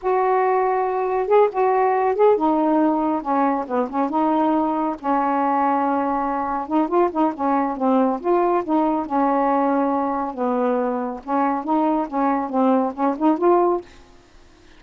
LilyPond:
\new Staff \with { instrumentName = "saxophone" } { \time 4/4 \tempo 4 = 139 fis'2. gis'8 fis'8~ | fis'4 gis'8 dis'2 cis'8~ | cis'8 b8 cis'8 dis'2 cis'8~ | cis'2.~ cis'8 dis'8 |
f'8 dis'8 cis'4 c'4 f'4 | dis'4 cis'2. | b2 cis'4 dis'4 | cis'4 c'4 cis'8 dis'8 f'4 | }